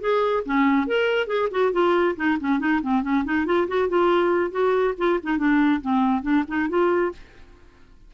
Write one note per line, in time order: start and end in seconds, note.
0.00 0.43 G#4
0.46 0.87 C#4
0.87 1.27 A#4
1.27 1.49 G#4
1.51 1.72 F#4
1.72 2.15 F4
2.16 2.38 D#4
2.40 2.59 C#4
2.59 2.81 D#4
2.82 3.03 C4
3.03 3.24 C#4
3.25 3.46 D#4
3.46 3.67 F4
3.68 3.88 F#4
3.88 4.51 F4
4.51 4.94 F#4
4.98 5.19 F4
5.23 5.38 D#4
5.38 5.81 D4
5.81 6.22 C4
6.22 6.44 D4
6.48 6.69 D#4
6.69 7.12 F4